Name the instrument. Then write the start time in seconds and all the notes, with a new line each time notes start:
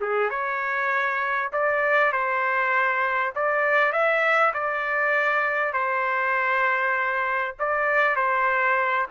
trumpet
0.00 G#4
0.29 C#5
1.52 D5
2.12 C5
3.35 D5
3.92 E5
4.53 D5
5.73 C5
7.59 D5
8.16 C5